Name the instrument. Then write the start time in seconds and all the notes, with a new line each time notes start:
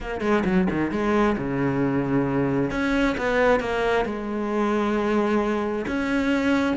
cello
0.00 A#3
0.21 G#3
0.44 F#3
0.70 D#3
0.91 G#3
1.37 C#3
2.71 C#4
3.17 B3
3.60 A#3
4.05 G#3
5.87 C#4